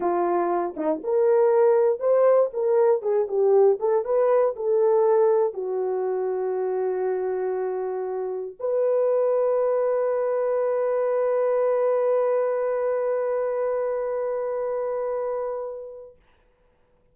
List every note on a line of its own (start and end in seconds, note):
0.00 0.74 F4
0.76 1.01 D#4
1.03 1.99 A#4
1.99 2.50 C5
2.53 3.02 A#4
3.02 3.27 G#4
3.28 3.78 G4
3.79 4.04 A4
4.04 4.55 B4
4.56 5.53 A4
5.53 8.56 F#4
8.59 16.16 B4